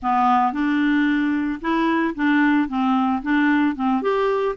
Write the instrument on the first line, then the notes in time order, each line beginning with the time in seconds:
clarinet
0.02 B3
0.53 D4
1.61 E4
2.15 D4
2.68 C4
3.22 D4
3.75 C4
4.02 G4